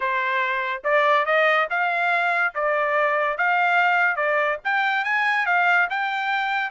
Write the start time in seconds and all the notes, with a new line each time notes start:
0.00 C5
0.84 D5
1.25 D#5
1.70 F5
2.54 D5
3.37 F5
4.15 D5
4.64 G5
5.04 G#5
5.46 F5
5.90 G5